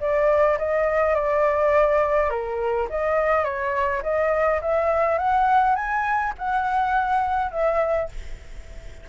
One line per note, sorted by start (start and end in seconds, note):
0.00 0.58 D5
0.58 1.15 D#5
1.15 2.30 D5
2.30 2.87 A#4
2.90 3.44 D#5
3.44 4.02 C#5
4.03 4.60 D#5
4.61 5.18 E5
5.18 5.75 F#5
5.75 6.33 G#5
6.38 7.51 F#5
7.51 8.09 E5